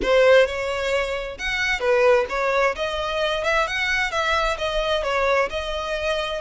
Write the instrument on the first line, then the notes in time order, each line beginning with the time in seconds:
violin
0.02 C5
0.46 C#5
1.38 F#5
1.79 B4
2.29 C#5
2.75 D#5
3.44 E5
3.67 F#5
4.11 E5
4.57 D#5
5.03 C#5
5.50 D#5